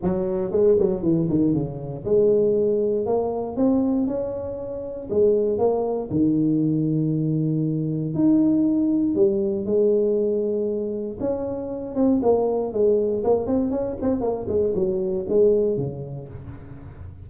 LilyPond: \new Staff \with { instrumentName = "tuba" } { \time 4/4 \tempo 4 = 118 fis4 gis8 fis8 e8 dis8 cis4 | gis2 ais4 c'4 | cis'2 gis4 ais4 | dis1 |
dis'2 g4 gis4~ | gis2 cis'4. c'8 | ais4 gis4 ais8 c'8 cis'8 c'8 | ais8 gis8 fis4 gis4 cis4 | }